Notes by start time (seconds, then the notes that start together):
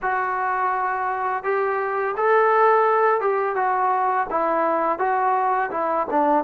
0.02 F#4
1.43 G4
2.16 A4
3.20 G4
3.55 F#4
4.30 E4
4.98 F#4
5.70 E4
6.10 D4